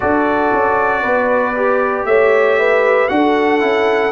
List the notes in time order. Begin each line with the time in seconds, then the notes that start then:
0.00 D4 F#4 A4 D5
0.53 C#4
1.02 B3 B4
1.56 G4
2.04 A3 C#5 E5
2.59 B4
3.08 D4 F#4 A4 F#5
3.59 C#4 E4